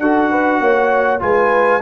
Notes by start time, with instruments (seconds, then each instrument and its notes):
0.00 tuba D4, trombone F#4, horn A4, trumpet F#5
0.31 horn B4
0.61 tuba A#3, horn C#5
1.20 tuba G#3, trombone F4, horn B4, trumpet G#5